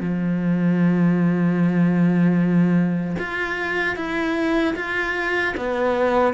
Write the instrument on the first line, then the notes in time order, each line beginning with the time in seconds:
cello
0.00 F3
3.19 F4
3.96 E4
4.75 F4
5.57 B3